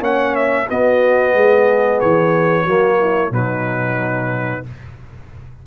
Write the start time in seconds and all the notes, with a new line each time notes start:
0.00 A#3 C#4 C#5 F#5
0.35 E5
0.69 B3 F#4 D#5
1.34 G#3 G#4
2.00 E3 C#5
2.63 F#3 A#3 F#4
2.99 E4
3.31 B2 F#3 D#4 B4